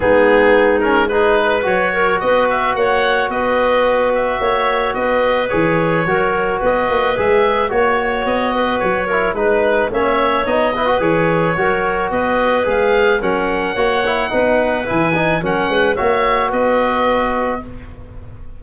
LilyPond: <<
  \new Staff \with { instrumentName = "oboe" } { \time 4/4 \tempo 4 = 109 gis'4. ais'8 b'4 cis''4 | dis''8 e''8 fis''4 dis''4. e''8~ | e''4 dis''4 cis''2 | dis''4 e''4 cis''4 dis''4 |
cis''4 b'4 e''4 dis''4 | cis''2 dis''4 f''4 | fis''2. gis''4 | fis''4 e''4 dis''2 | }
  \new Staff \with { instrumentName = "clarinet" } { \time 4/4 dis'2 gis'8 b'4 ais'8 | b'4 cis''4 b'2 | cis''4 b'2 ais'4 | b'2 cis''4. b'8~ |
b'8 ais'8 b'4 cis''4. b'8~ | b'4 ais'4 b'2 | ais'4 cis''4 b'2 | ais'8 b'8 cis''4 b'2 | }
  \new Staff \with { instrumentName = "trombone" } { \time 4/4 b4. cis'8 dis'4 fis'4~ | fis'1~ | fis'2 gis'4 fis'4~ | fis'4 gis'4 fis'2~ |
fis'8 e'8 dis'4 cis'4 dis'8 e'16 fis'16 | gis'4 fis'2 gis'4 | cis'4 fis'8 e'8 dis'4 e'8 dis'8 | cis'4 fis'2. | }
  \new Staff \with { instrumentName = "tuba" } { \time 4/4 gis2. fis4 | b4 ais4 b2 | ais4 b4 e4 fis4 | b8 ais8 gis4 ais4 b4 |
fis4 gis4 ais4 b4 | e4 fis4 b4 gis4 | fis4 ais4 b4 e4 | fis8 gis8 ais4 b2 | }
>>